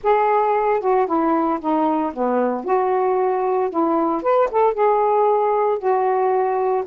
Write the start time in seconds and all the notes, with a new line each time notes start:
0.03 G#4
0.80 F#4
1.06 E4
1.60 D#4
2.13 B3
2.64 F#4
3.70 E4
4.22 B4
4.51 A4
4.73 G#4
5.78 F#4